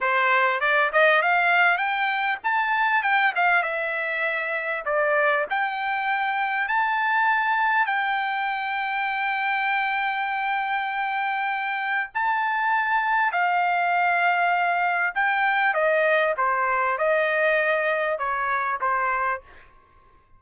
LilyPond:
\new Staff \with { instrumentName = "trumpet" } { \time 4/4 \tempo 4 = 99 c''4 d''8 dis''8 f''4 g''4 | a''4 g''8 f''8 e''2 | d''4 g''2 a''4~ | a''4 g''2.~ |
g''1 | a''2 f''2~ | f''4 g''4 dis''4 c''4 | dis''2 cis''4 c''4 | }